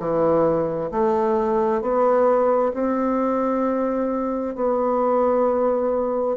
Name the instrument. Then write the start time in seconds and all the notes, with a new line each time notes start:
bassoon
0.00 E3
0.92 A3
1.82 B3
2.74 C4
4.56 B3